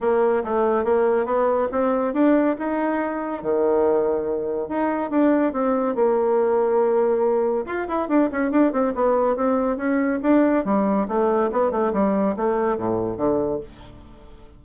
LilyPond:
\new Staff \with { instrumentName = "bassoon" } { \time 4/4 \tempo 4 = 141 ais4 a4 ais4 b4 | c'4 d'4 dis'2 | dis2. dis'4 | d'4 c'4 ais2~ |
ais2 f'8 e'8 d'8 cis'8 | d'8 c'8 b4 c'4 cis'4 | d'4 g4 a4 b8 a8 | g4 a4 a,4 d4 | }